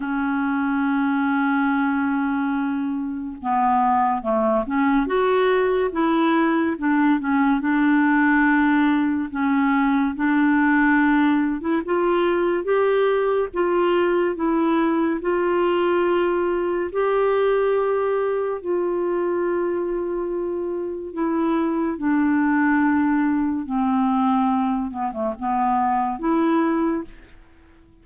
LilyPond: \new Staff \with { instrumentName = "clarinet" } { \time 4/4 \tempo 4 = 71 cis'1 | b4 a8 cis'8 fis'4 e'4 | d'8 cis'8 d'2 cis'4 | d'4.~ d'16 e'16 f'4 g'4 |
f'4 e'4 f'2 | g'2 f'2~ | f'4 e'4 d'2 | c'4. b16 a16 b4 e'4 | }